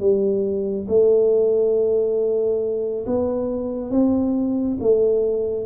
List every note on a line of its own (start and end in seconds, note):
0.00 0.87 G3
0.88 3.06 A3
3.06 3.91 B3
3.91 4.78 C4
4.80 5.66 A3